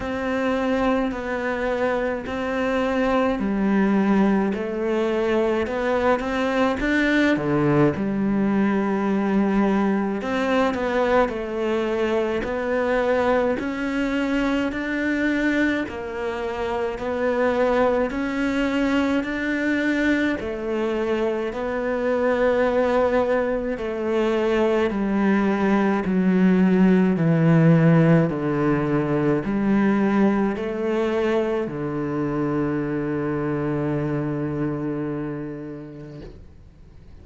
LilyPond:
\new Staff \with { instrumentName = "cello" } { \time 4/4 \tempo 4 = 53 c'4 b4 c'4 g4 | a4 b8 c'8 d'8 d8 g4~ | g4 c'8 b8 a4 b4 | cis'4 d'4 ais4 b4 |
cis'4 d'4 a4 b4~ | b4 a4 g4 fis4 | e4 d4 g4 a4 | d1 | }